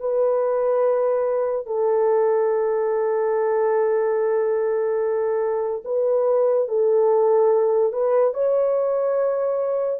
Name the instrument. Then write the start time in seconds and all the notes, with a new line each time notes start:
horn
0.00 B4
1.66 A4
5.85 B4
6.68 A4
7.93 B4
8.34 C#5